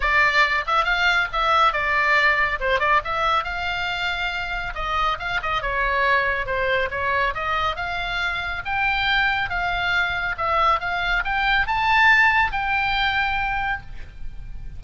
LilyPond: \new Staff \with { instrumentName = "oboe" } { \time 4/4 \tempo 4 = 139 d''4. e''8 f''4 e''4 | d''2 c''8 d''8 e''4 | f''2. dis''4 | f''8 dis''8 cis''2 c''4 |
cis''4 dis''4 f''2 | g''2 f''2 | e''4 f''4 g''4 a''4~ | a''4 g''2. | }